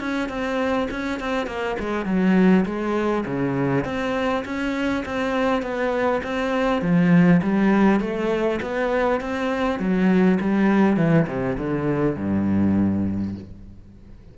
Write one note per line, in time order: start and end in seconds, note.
0.00 0.29 C#4
0.29 0.89 C4
0.91 1.20 C#4
1.20 1.47 C4
1.47 1.77 A#3
1.80 2.06 G#3
2.06 2.65 F#3
2.65 3.25 G#3
3.26 3.85 C#3
3.85 4.44 C4
4.45 5.04 C#4
5.06 5.62 C4
5.62 6.22 B3
6.24 6.82 C4
6.82 7.41 F3
7.43 8.00 G3
8.00 8.60 A3
8.62 9.21 B3
9.21 9.80 C4
9.80 10.39 F#3
10.41 10.97 G3
10.97 11.27 E3
11.28 11.57 C3
11.58 12.16 D3
12.16 13.35 G2